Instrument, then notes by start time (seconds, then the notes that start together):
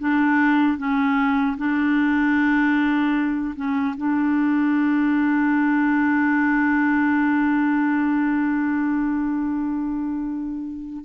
clarinet
0.00 D4
0.78 C#4
1.58 D4
3.56 C#4
3.97 D4